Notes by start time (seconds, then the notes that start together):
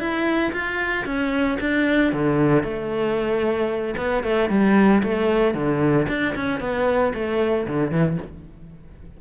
0.00 E4
0.53 F4
1.06 C#4
1.61 D4
2.13 D3
2.64 A3
3.97 B3
4.24 A3
4.50 G3
5.03 A3
5.55 D3
6.09 D4
6.36 C#4
6.61 B3
7.15 A3
7.68 D3
7.92 E3